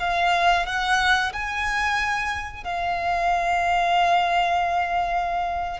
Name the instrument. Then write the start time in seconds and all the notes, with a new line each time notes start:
violin
0.00 F5
0.66 F#5
1.33 G#5
2.64 F5